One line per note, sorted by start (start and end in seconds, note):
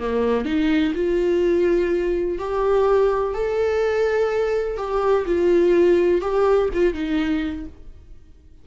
0.00 0.45 A#3
0.45 0.93 D#4
0.95 2.39 F4
2.39 3.34 G4
3.34 4.77 A4
4.77 5.25 G4
5.26 6.22 F4
6.22 6.70 G4
6.74 6.94 F4
6.94 7.66 D#4